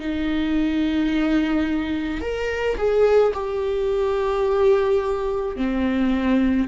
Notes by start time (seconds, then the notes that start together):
0.00 D#4
2.21 A#4
2.77 G#4
3.34 G4
5.56 C4